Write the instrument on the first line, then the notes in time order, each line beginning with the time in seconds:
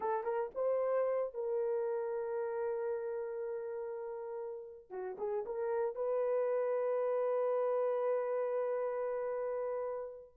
horn
0.00 A4
0.23 A#4
0.54 C5
1.34 A#4
4.89 F#4
5.18 G#4
5.45 A#4
5.95 B4